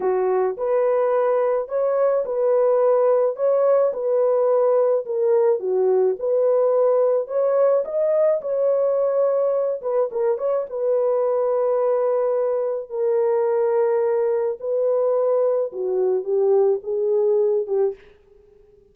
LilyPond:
\new Staff \with { instrumentName = "horn" } { \time 4/4 \tempo 4 = 107 fis'4 b'2 cis''4 | b'2 cis''4 b'4~ | b'4 ais'4 fis'4 b'4~ | b'4 cis''4 dis''4 cis''4~ |
cis''4. b'8 ais'8 cis''8 b'4~ | b'2. ais'4~ | ais'2 b'2 | fis'4 g'4 gis'4. g'8 | }